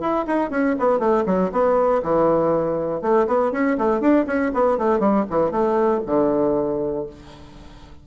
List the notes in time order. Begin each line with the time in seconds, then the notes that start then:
0.00 E4
0.27 D#4
0.50 C#4
0.79 B3
0.99 A3
1.26 F#3
1.52 B3
2.02 E3
3.01 A3
3.27 B3
3.52 C#4
3.77 A3
4.00 D4
4.26 C#4
4.54 B3
4.77 A3
4.99 G3
5.30 E3
5.51 A3
6.06 D3